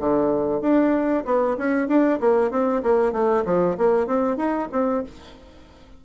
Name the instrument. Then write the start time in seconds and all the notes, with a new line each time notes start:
bassoon
0.00 D3
0.61 D4
1.25 B3
1.58 C#4
1.88 D4
2.20 A#3
2.51 C4
2.83 A#3
3.12 A3
3.45 F3
3.78 A#3
4.07 C4
4.37 D#4
4.72 C4